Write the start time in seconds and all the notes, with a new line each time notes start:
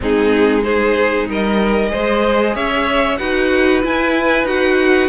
0.00 G#3 C4 D#4 G#4
0.62 D#4 G#4 C5
1.28 G3 A#4 D#5
1.88 G#3 G#4 C5
2.55 C#4 C#5 E5
3.17 D#4 F#4 B4 F#5
3.83 E4 G#5
4.43 D#4 F#4 F#5